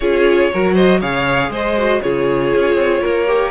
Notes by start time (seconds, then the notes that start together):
0.00 C#4 F4 G#4 C#5
0.52 F#3 F#4 A#4
0.74 C5 D#5
1.00 C#3 G#4 C#5 F5
1.49 G#3 C5 D#5
1.77 F#4
2.01 C#3 F4 G#4 C#5
2.55 C#4
2.74 C4
3.01 A#3 A#4
3.27 G4